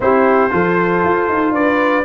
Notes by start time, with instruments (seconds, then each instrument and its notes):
0.00 tuba C4, trombone E4, horn G4, trumpet C5
0.50 tuba F3, trombone F4, horn A4
1.03 tuba F4
1.28 tuba D#4
1.51 tuba D4, horn B4, trumpet D5